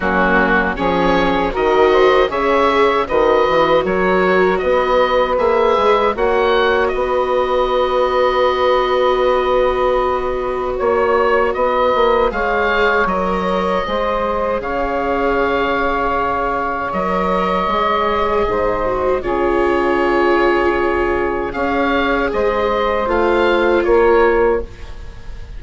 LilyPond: <<
  \new Staff \with { instrumentName = "oboe" } { \time 4/4 \tempo 4 = 78 fis'4 cis''4 dis''4 e''4 | dis''4 cis''4 dis''4 e''4 | fis''4 dis''2.~ | dis''2 cis''4 dis''4 |
f''4 dis''2 f''4~ | f''2 dis''2~ | dis''4 cis''2. | f''4 dis''4 f''4 cis''4 | }
  \new Staff \with { instrumentName = "saxophone" } { \time 4/4 cis'4 gis'4 ais'8 c''8 cis''4 | b'4 ais'4 b'2 | cis''4 b'2.~ | b'2 cis''4 b'4 |
cis''2 c''4 cis''4~ | cis''1 | c''4 gis'2. | cis''4 c''2 ais'4 | }
  \new Staff \with { instrumentName = "viola" } { \time 4/4 ais4 cis'4 fis'4 gis'4 | fis'2. gis'4 | fis'1~ | fis'1 |
gis'4 ais'4 gis'2~ | gis'2 ais'4 gis'4~ | gis'8 fis'8 f'2. | gis'2 f'2 | }
  \new Staff \with { instrumentName = "bassoon" } { \time 4/4 fis4 f4 dis4 cis4 | dis8 e8 fis4 b4 ais8 gis8 | ais4 b2.~ | b2 ais4 b8 ais8 |
gis4 fis4 gis4 cis4~ | cis2 fis4 gis4 | gis,4 cis2. | cis'4 gis4 a4 ais4 | }
>>